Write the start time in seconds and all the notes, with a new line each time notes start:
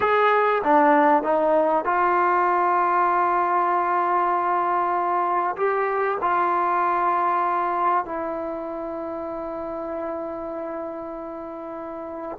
0.00 G#4
0.63 D4
1.23 D#4
1.84 F4
5.56 G4
6.21 F4
8.05 E4